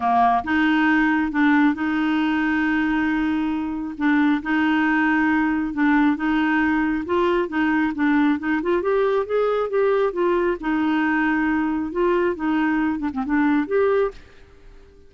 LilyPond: \new Staff \with { instrumentName = "clarinet" } { \time 4/4 \tempo 4 = 136 ais4 dis'2 d'4 | dis'1~ | dis'4 d'4 dis'2~ | dis'4 d'4 dis'2 |
f'4 dis'4 d'4 dis'8 f'8 | g'4 gis'4 g'4 f'4 | dis'2. f'4 | dis'4. d'16 c'16 d'4 g'4 | }